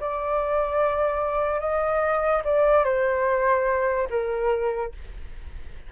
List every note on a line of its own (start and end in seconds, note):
0.00 1.60 D5
1.60 2.42 D#5
2.44 2.85 D5
2.85 4.08 C5
4.10 4.92 A#4